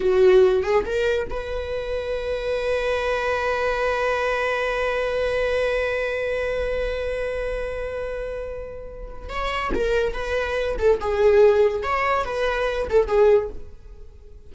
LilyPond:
\new Staff \with { instrumentName = "viola" } { \time 4/4 \tempo 4 = 142 fis'4. gis'8 ais'4 b'4~ | b'1~ | b'1~ | b'1~ |
b'1~ | b'2 cis''4 ais'4 | b'4. a'8 gis'2 | cis''4 b'4. a'8 gis'4 | }